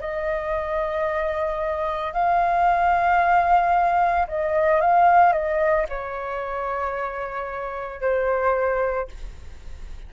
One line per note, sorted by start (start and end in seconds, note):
0.00 2.13 D#5
2.13 4.27 F5
4.28 4.81 D#5
4.81 5.32 F5
5.32 5.86 D#5
5.89 8.01 C#5
8.01 9.08 C5